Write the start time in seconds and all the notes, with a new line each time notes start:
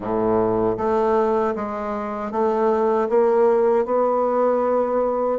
0.00 A2
0.77 A3
1.55 G#3
2.31 A3
3.09 A#3
3.85 B3